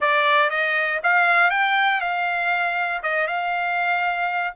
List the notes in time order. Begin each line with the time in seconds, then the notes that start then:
0.00 D5
0.50 D#5
1.03 F5
1.50 G5
2.01 F5
3.02 D#5
3.27 F5